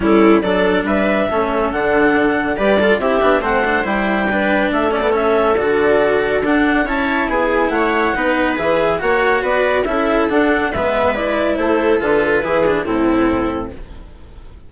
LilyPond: <<
  \new Staff \with { instrumentName = "clarinet" } { \time 4/4 \tempo 4 = 140 a'4 d''4 e''2 | fis''2 d''4 e''4 | fis''4 g''2 e''8 d''8 | e''4 d''2 fis''4 |
a''4 gis''4 fis''2 | e''4 fis''4 d''4 e''4 | fis''4 e''4 d''4 c''4 | b'2 a'2 | }
  \new Staff \with { instrumentName = "viola" } { \time 4/4 e'4 a'4 b'4 a'4~ | a'2 b'8 a'8 g'4 | c''2 b'4 a'4~ | a'1 |
cis''4 gis'4 cis''4 b'4~ | b'4 cis''4 b'4 a'4~ | a'4 b'2 a'4~ | a'4 gis'4 e'2 | }
  \new Staff \with { instrumentName = "cello" } { \time 4/4 cis'4 d'2 cis'4 | d'2 g'8 f'8 e'8 d'8 | c'8 d'8 e'4 d'4. cis'16 b16 | cis'4 fis'2 d'4 |
e'2. dis'4 | gis'4 fis'2 e'4 | d'4 b4 e'2 | f'4 e'8 d'8 c'2 | }
  \new Staff \with { instrumentName = "bassoon" } { \time 4/4 g4 fis4 g4 a4 | d2 g4 c'8 b8 | a4 g2 a4~ | a4 d2 d'4 |
cis'4 b4 a4 b4 | e4 ais4 b4 cis'4 | d'4 gis2 a4 | d4 e4 a,2 | }
>>